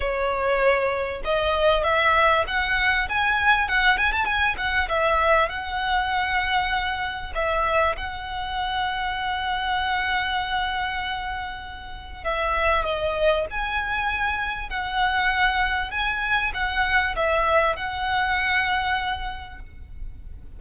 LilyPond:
\new Staff \with { instrumentName = "violin" } { \time 4/4 \tempo 4 = 98 cis''2 dis''4 e''4 | fis''4 gis''4 fis''8 gis''16 a''16 gis''8 fis''8 | e''4 fis''2. | e''4 fis''2.~ |
fis''1 | e''4 dis''4 gis''2 | fis''2 gis''4 fis''4 | e''4 fis''2. | }